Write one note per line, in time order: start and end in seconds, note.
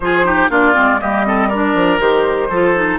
0.00 0.49 F3
0.00 0.24 F4
0.00 0.26 G#4
0.00 0.49 C5
0.24 0.49 D#4
0.24 0.50 G4
0.49 0.74 A#3
0.49 0.73 D4
0.49 1.00 F4
0.49 1.00 D5
0.73 1.02 G#3
0.73 0.98 C4
1.00 1.74 G3
1.00 1.25 A#3
1.00 1.26 G4
1.00 1.49 D#5
1.25 1.50 C4
1.25 1.48 A4
1.48 1.99 D4
1.48 2.48 A#4
1.48 1.99 D5
1.74 1.99 F3
1.99 2.49 D#3
1.99 2.49 G4
1.99 2.98 C5
2.49 2.98 F3
2.49 2.74 F4
2.49 2.98 A4
2.74 2.98 D#4